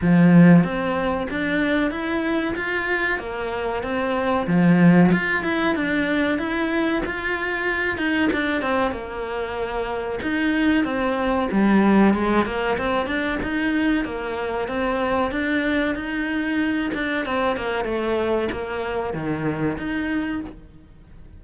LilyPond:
\new Staff \with { instrumentName = "cello" } { \time 4/4 \tempo 4 = 94 f4 c'4 d'4 e'4 | f'4 ais4 c'4 f4 | f'8 e'8 d'4 e'4 f'4~ | f'8 dis'8 d'8 c'8 ais2 |
dis'4 c'4 g4 gis8 ais8 | c'8 d'8 dis'4 ais4 c'4 | d'4 dis'4. d'8 c'8 ais8 | a4 ais4 dis4 dis'4 | }